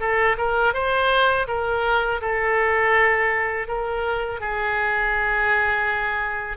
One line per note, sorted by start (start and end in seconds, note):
0.00 0.37 A4
0.38 0.74 A#4
0.74 1.47 C5
1.48 2.21 A#4
2.21 3.68 A4
3.68 4.40 A#4
4.40 6.57 G#4